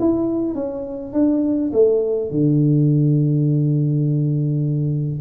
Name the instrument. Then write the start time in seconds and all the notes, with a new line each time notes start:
tuba
0.00 E4
0.55 C#4
1.13 D4
1.73 A3
2.31 D3